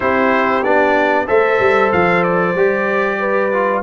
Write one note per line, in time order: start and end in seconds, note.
0.00 0.63 C4
0.00 0.63 E4
0.00 1.26 G4
0.00 0.63 C5
0.63 1.27 B3
0.63 1.26 D4
0.63 1.27 D5
1.26 1.59 A3
1.26 2.54 A4
1.26 3.19 C5
1.26 1.91 E5
1.59 1.91 G3
1.92 2.55 F3
1.92 2.23 F5
2.23 3.82 D5
2.55 3.82 G3
2.55 3.52 G4
3.19 3.82 B4
3.52 3.82 F4